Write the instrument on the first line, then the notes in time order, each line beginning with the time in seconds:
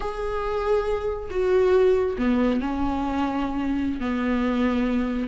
viola
0.00 G#4
1.30 F#4
2.18 B3
2.60 C#4
4.00 B3